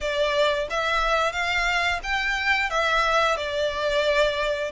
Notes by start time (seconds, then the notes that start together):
0.00 D5
0.70 E5
1.32 F5
2.03 G5
2.70 E5
3.36 D5